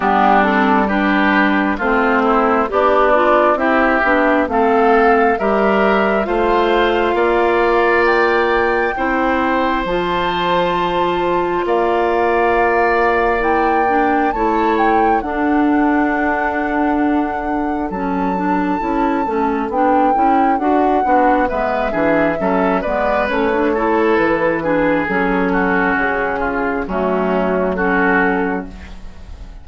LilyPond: <<
  \new Staff \with { instrumentName = "flute" } { \time 4/4 \tempo 4 = 67 g'8 a'8 b'4 c''4 d''4 | e''4 f''4 e''4 f''4~ | f''4 g''2 a''4~ | a''4 f''2 g''4 |
a''8 g''8 fis''2. | a''2 g''4 fis''4 | e''4. d''8 cis''4 b'4 | a'4 gis'4 fis'4 a'4 | }
  \new Staff \with { instrumentName = "oboe" } { \time 4/4 d'4 g'4 f'8 e'8 d'4 | g'4 a'4 ais'4 c''4 | d''2 c''2~ | c''4 d''2. |
cis''4 a'2.~ | a'2.~ a'8 fis'8 | b'8 gis'8 a'8 b'4 a'4 gis'8~ | gis'8 fis'4 f'8 cis'4 fis'4 | }
  \new Staff \with { instrumentName = "clarinet" } { \time 4/4 b8 c'8 d'4 c'4 g'8 f'8 | e'8 d'8 c'4 g'4 f'4~ | f'2 e'4 f'4~ | f'2. e'8 d'8 |
e'4 d'2. | cis'8 d'8 e'8 cis'8 d'8 e'8 fis'8 d'8 | b8 d'8 cis'8 b8 cis'16 d'16 e'4 d'8 | cis'2 a4 cis'4 | }
  \new Staff \with { instrumentName = "bassoon" } { \time 4/4 g2 a4 b4 | c'8 b8 a4 g4 a4 | ais2 c'4 f4~ | f4 ais2. |
a4 d'2. | fis4 cis'8 a8 b8 cis'8 d'8 b8 | gis8 e8 fis8 gis8 a4 e4 | fis4 cis4 fis2 | }
>>